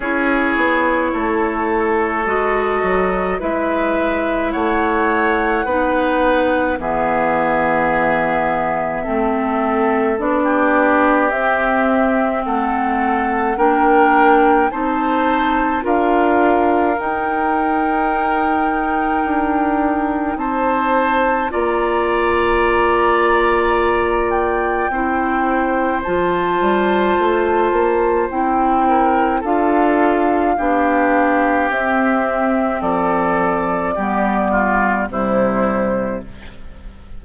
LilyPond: <<
  \new Staff \with { instrumentName = "flute" } { \time 4/4 \tempo 4 = 53 cis''2 dis''4 e''4 | fis''2 e''2~ | e''4 d''4 e''4 fis''4 | g''4 a''4 f''4 g''4~ |
g''2 a''4 ais''4~ | ais''4. g''4. a''4~ | a''4 g''4 f''2 | e''4 d''2 c''4 | }
  \new Staff \with { instrumentName = "oboe" } { \time 4/4 gis'4 a'2 b'4 | cis''4 b'4 gis'2 | a'4~ a'16 g'4.~ g'16 a'4 | ais'4 c''4 ais'2~ |
ais'2 c''4 d''4~ | d''2 c''2~ | c''4. ais'8 a'4 g'4~ | g'4 a'4 g'8 f'8 e'4 | }
  \new Staff \with { instrumentName = "clarinet" } { \time 4/4 e'2 fis'4 e'4~ | e'4 dis'4 b2 | c'4 d'4 c'2 | d'4 dis'4 f'4 dis'4~ |
dis'2. f'4~ | f'2 e'4 f'4~ | f'4 e'4 f'4 d'4 | c'2 b4 g4 | }
  \new Staff \with { instrumentName = "bassoon" } { \time 4/4 cis'8 b8 a4 gis8 fis8 gis4 | a4 b4 e2 | a4 b4 c'4 a4 | ais4 c'4 d'4 dis'4~ |
dis'4 d'4 c'4 ais4~ | ais2 c'4 f8 g8 | a8 ais8 c'4 d'4 b4 | c'4 f4 g4 c4 | }
>>